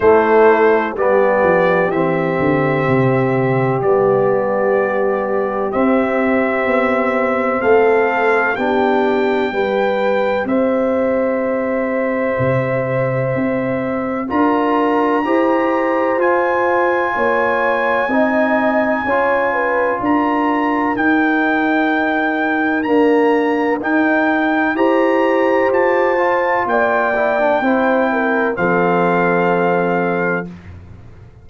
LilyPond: <<
  \new Staff \with { instrumentName = "trumpet" } { \time 4/4 \tempo 4 = 63 c''4 d''4 e''2 | d''2 e''2 | f''4 g''2 e''4~ | e''2. ais''4~ |
ais''4 gis''2.~ | gis''4 ais''4 g''2 | ais''4 g''4 ais''4 a''4 | g''2 f''2 | }
  \new Staff \with { instrumentName = "horn" } { \time 4/4 e'4 g'2.~ | g'1 | a'4 g'4 b'4 c''4~ | c''2. ais'4 |
c''2 cis''4 dis''4 | cis''8 b'8 ais'2.~ | ais'2 c''2 | d''4 c''8 ais'8 a'2 | }
  \new Staff \with { instrumentName = "trombone" } { \time 4/4 a4 b4 c'2 | b2 c'2~ | c'4 d'4 g'2~ | g'2. f'4 |
g'4 f'2 dis'4 | f'2 dis'2 | ais4 dis'4 g'4. f'8~ | f'8 e'16 d'16 e'4 c'2 | }
  \new Staff \with { instrumentName = "tuba" } { \time 4/4 a4 g8 f8 e8 d8 c4 | g2 c'4 b4 | a4 b4 g4 c'4~ | c'4 c4 c'4 d'4 |
e'4 f'4 ais4 c'4 | cis'4 d'4 dis'2 | d'4 dis'4 e'4 f'4 | ais4 c'4 f2 | }
>>